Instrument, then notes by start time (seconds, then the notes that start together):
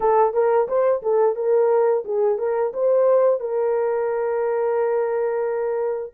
horn
0.00 A4
0.33 A#4
0.68 C5
1.02 A4
1.35 A#4
2.04 G#4
2.38 A#4
2.73 C5
3.40 A#4